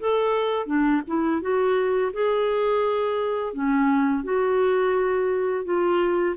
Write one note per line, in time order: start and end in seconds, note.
0.00 0.67 A4
0.67 1.02 D4
1.07 1.41 E4
1.41 2.12 F#4
2.13 3.54 G#4
3.54 4.24 C#4
4.24 5.65 F#4
5.65 6.36 F4